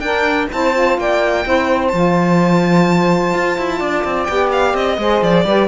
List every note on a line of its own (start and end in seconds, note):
0.00 0.48 D4
0.00 0.50 D4
0.00 0.50 A#4
0.00 0.47 G5
0.51 0.98 C4
0.51 0.73 E4
0.51 0.99 C5
0.51 0.99 A5
0.73 1.44 F4
0.98 1.45 A#3
0.98 1.46 D5
0.98 1.88 G5
1.44 1.93 C4
1.44 1.91 E4
1.44 3.79 C5
1.88 3.34 F3
1.88 4.29 F4
1.88 4.24 A5
3.34 3.58 F4
3.58 3.80 E4
3.79 4.04 D4
3.79 4.97 D5
4.04 4.28 C4
4.24 4.74 B3
4.24 4.98 G4
4.24 4.47 G5
4.52 4.76 F5
4.74 4.98 C4
4.74 5.23 D#5
4.98 5.21 G#3
4.98 5.45 G#4
4.98 5.46 C5
5.22 5.45 F3
5.22 5.68 D5
5.45 5.68 G3
5.45 5.68 G4
5.45 5.68 B4